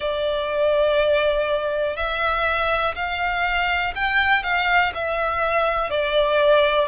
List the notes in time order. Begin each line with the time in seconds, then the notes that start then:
0.00 D5
1.96 E5
2.95 F5
3.95 G5
4.43 F5
4.94 E5
5.90 D5